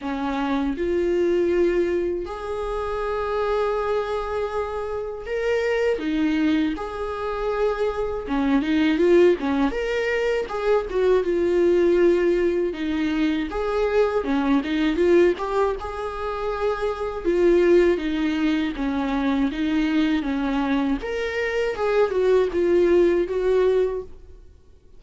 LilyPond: \new Staff \with { instrumentName = "viola" } { \time 4/4 \tempo 4 = 80 cis'4 f'2 gis'4~ | gis'2. ais'4 | dis'4 gis'2 cis'8 dis'8 | f'8 cis'8 ais'4 gis'8 fis'8 f'4~ |
f'4 dis'4 gis'4 cis'8 dis'8 | f'8 g'8 gis'2 f'4 | dis'4 cis'4 dis'4 cis'4 | ais'4 gis'8 fis'8 f'4 fis'4 | }